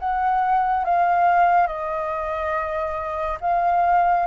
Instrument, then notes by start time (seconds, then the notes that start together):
flute
0.00 F#5
0.85 F5
1.68 D#5
3.41 F5